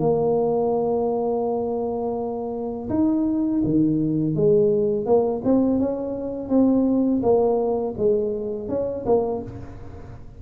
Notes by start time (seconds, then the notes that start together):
0.00 A#3
2.90 D#4
3.64 D#3
4.35 G#3
5.06 A#3
5.44 C4
5.79 C#4
6.49 C4
7.23 A#3
7.98 G#3
8.69 C#4
9.06 A#3